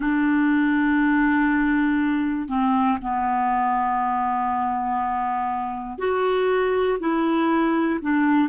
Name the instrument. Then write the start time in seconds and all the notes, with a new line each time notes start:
clarinet
0.00 D4
2.48 C4
3.01 B3
5.98 F#4
7.00 E4
8.01 D4